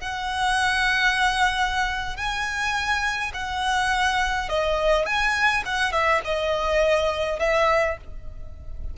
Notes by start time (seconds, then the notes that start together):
0.00 F#5
2.16 G#5
3.34 F#5
4.49 D#5
5.05 G#5
5.65 F#5
5.92 E5
6.25 D#5
7.39 E5